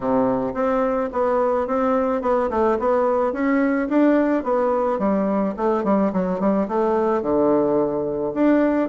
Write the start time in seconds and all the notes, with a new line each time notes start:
0.00 C3
0.54 C4
1.12 B3
1.67 C4
2.21 B3
2.50 A3
2.79 B3
3.32 C#4
3.89 D4
4.43 B3
4.98 G3
5.56 A3
5.84 G3
6.12 F#3
6.40 G3
6.67 A3
7.22 D3
8.34 D4